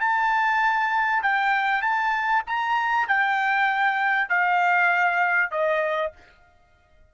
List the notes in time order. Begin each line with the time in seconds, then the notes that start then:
0.00 A5
1.22 G5
1.82 A5
2.47 A#5
3.08 G5
4.29 F5
5.51 D#5